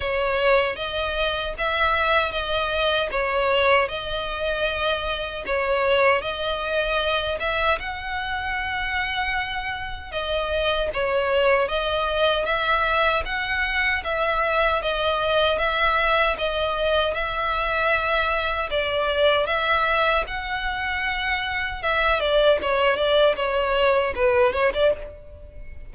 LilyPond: \new Staff \with { instrumentName = "violin" } { \time 4/4 \tempo 4 = 77 cis''4 dis''4 e''4 dis''4 | cis''4 dis''2 cis''4 | dis''4. e''8 fis''2~ | fis''4 dis''4 cis''4 dis''4 |
e''4 fis''4 e''4 dis''4 | e''4 dis''4 e''2 | d''4 e''4 fis''2 | e''8 d''8 cis''8 d''8 cis''4 b'8 cis''16 d''16 | }